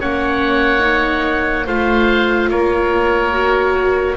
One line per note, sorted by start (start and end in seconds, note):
0.00 1.67 A#3
0.00 0.80 C#4
0.00 1.66 C#5
0.00 1.68 F#5
0.80 1.63 D#4
1.66 2.49 A3
1.66 3.32 F4
1.66 2.50 C5
1.66 2.50 F5
2.49 4.16 A#3
2.49 4.17 A#4
2.49 4.17 C#5
3.32 4.16 F#4